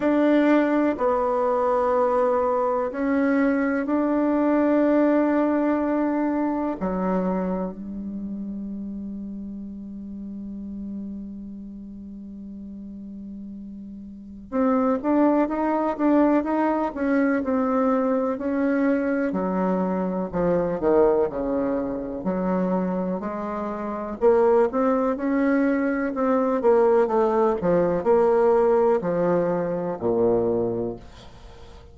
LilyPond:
\new Staff \with { instrumentName = "bassoon" } { \time 4/4 \tempo 4 = 62 d'4 b2 cis'4 | d'2. fis4 | g1~ | g2. c'8 d'8 |
dis'8 d'8 dis'8 cis'8 c'4 cis'4 | fis4 f8 dis8 cis4 fis4 | gis4 ais8 c'8 cis'4 c'8 ais8 | a8 f8 ais4 f4 ais,4 | }